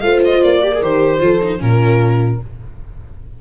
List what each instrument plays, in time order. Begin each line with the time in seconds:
0.00 tuba A3, viola F4, horn C5, violin F5
0.25 violin D#5
0.43 tuba A#3, violin D5
0.62 viola G4, horn A#4
0.74 viola G#4
0.82 tuba D#3, viola G4, violin C5
1.19 tuba F3, viola F4, horn A4
1.43 viola D#4
1.58 tuba A#2, viola C#4, horn F4, violin A#4